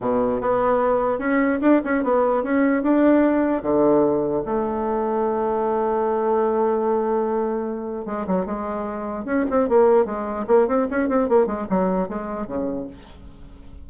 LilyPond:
\new Staff \with { instrumentName = "bassoon" } { \time 4/4 \tempo 4 = 149 b,4 b2 cis'4 | d'8 cis'8 b4 cis'4 d'4~ | d'4 d2 a4~ | a1~ |
a1 | gis8 fis8 gis2 cis'8 c'8 | ais4 gis4 ais8 c'8 cis'8 c'8 | ais8 gis8 fis4 gis4 cis4 | }